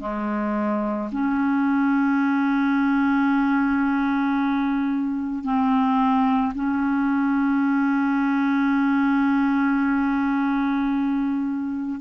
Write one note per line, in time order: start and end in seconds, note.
0.00 1.09 G#3
1.12 5.44 C#4
5.44 6.53 C4
6.55 12.00 C#4